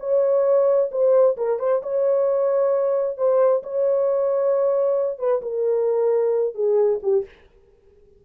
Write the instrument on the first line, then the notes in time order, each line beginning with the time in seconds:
horn
0.00 C#5
0.92 C5
1.37 A#4
1.59 C5
1.83 C#5
3.18 C5
3.63 C#5
5.19 B4
5.42 A#4
6.55 G#4
7.03 G4